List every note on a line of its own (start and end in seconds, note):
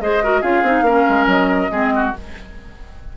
0.00 0.43 G#3
0.00 0.23 G#4
0.00 0.23 C5
0.00 0.42 D#5
0.23 0.43 F#4
0.23 0.41 A#4
0.41 0.63 C#4
0.41 0.64 F4
0.41 0.84 G#4
0.41 1.27 F5
0.63 0.82 C4
0.63 0.86 D#4
0.82 1.03 A#3
0.82 1.71 C#4
0.82 1.71 A#4
1.09 1.26 G#3
1.26 1.69 F#3
1.26 2.13 D#5
1.71 2.13 G#3
1.71 2.13 C4
1.71 1.93 G#4
1.96 2.17 F#4